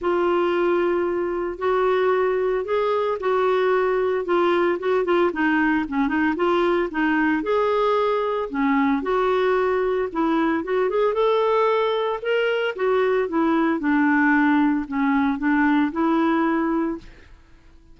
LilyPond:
\new Staff \with { instrumentName = "clarinet" } { \time 4/4 \tempo 4 = 113 f'2. fis'4~ | fis'4 gis'4 fis'2 | f'4 fis'8 f'8 dis'4 cis'8 dis'8 | f'4 dis'4 gis'2 |
cis'4 fis'2 e'4 | fis'8 gis'8 a'2 ais'4 | fis'4 e'4 d'2 | cis'4 d'4 e'2 | }